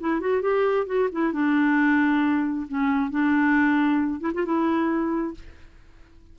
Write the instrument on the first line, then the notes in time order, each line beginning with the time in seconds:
clarinet
0.00 E4
0.21 F#4
0.42 G4
0.86 F#4
1.12 E4
1.33 D4
2.68 C#4
3.11 D4
4.20 E4
4.34 F4
4.45 E4